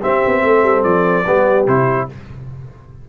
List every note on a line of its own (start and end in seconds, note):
0.00 1.24 C4
0.00 0.25 C4
0.00 0.41 G4
0.00 0.83 E5
0.25 0.43 B3
0.43 0.63 A3
0.43 1.27 A4
0.63 0.83 G3
0.83 1.25 F3
0.83 1.65 D5
1.26 1.66 G3
1.26 1.67 B3
1.26 2.09 G4
1.66 2.07 C3
1.66 2.08 E4
1.66 2.08 C5